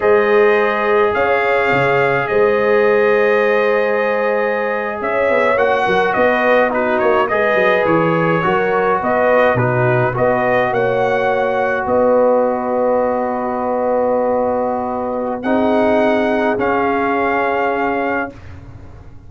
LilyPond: <<
  \new Staff \with { instrumentName = "trumpet" } { \time 4/4 \tempo 4 = 105 dis''2 f''2 | dis''1~ | dis''8. e''4 fis''4 dis''4 b'16~ | b'16 cis''8 dis''4 cis''2 dis''16~ |
dis''8. b'4 dis''4 fis''4~ fis''16~ | fis''8. dis''2.~ dis''16~ | dis''2. fis''4~ | fis''4 f''2. | }
  \new Staff \with { instrumentName = "horn" } { \time 4/4 c''2 cis''2 | c''1~ | c''8. cis''4. ais'8 b'4 fis'16~ | fis'8. b'2 ais'4 b'16~ |
b'8. fis'4 b'4 cis''4~ cis''16~ | cis''8. b'2.~ b'16~ | b'2. gis'4~ | gis'1 | }
  \new Staff \with { instrumentName = "trombone" } { \time 4/4 gis'1~ | gis'1~ | gis'4.~ gis'16 fis'2 dis'16~ | dis'8. gis'2 fis'4~ fis'16~ |
fis'8. dis'4 fis'2~ fis'16~ | fis'1~ | fis'2. dis'4~ | dis'4 cis'2. | }
  \new Staff \with { instrumentName = "tuba" } { \time 4/4 gis2 cis'4 cis4 | gis1~ | gis8. cis'8 b8 ais8 fis8 b4~ b16~ | b16 ais8 gis8 fis8 e4 fis4 b16~ |
b8. b,4 b4 ais4~ ais16~ | ais8. b2.~ b16~ | b2. c'4~ | c'4 cis'2. | }
>>